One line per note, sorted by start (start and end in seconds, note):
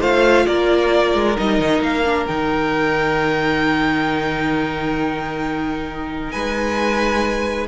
0.00 0.45 A3
0.00 1.36 F4
0.00 0.45 C5
0.00 0.46 F5
0.46 1.14 A#3
0.46 6.32 A#4
0.46 1.36 D5
1.14 1.37 G#3
1.36 1.59 G3
1.36 2.04 D#4
1.36 1.82 D#5
1.59 1.80 D#3
1.80 2.25 A#3
1.80 2.26 F5
2.04 2.27 D4
2.26 6.34 D#3
2.26 7.68 D#4
2.26 6.31 G5
6.31 7.68 G#3
6.31 7.67 B4
6.31 7.66 G#5